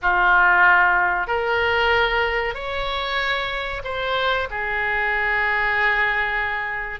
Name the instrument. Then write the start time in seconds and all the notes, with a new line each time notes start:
oboe
0.02 F4
1.27 A#4
2.54 C#5
3.84 C5
4.50 G#4